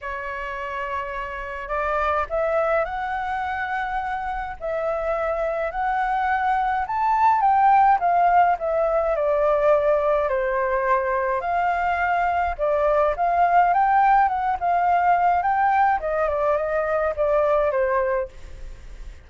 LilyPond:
\new Staff \with { instrumentName = "flute" } { \time 4/4 \tempo 4 = 105 cis''2. d''4 | e''4 fis''2. | e''2 fis''2 | a''4 g''4 f''4 e''4 |
d''2 c''2 | f''2 d''4 f''4 | g''4 fis''8 f''4. g''4 | dis''8 d''8 dis''4 d''4 c''4 | }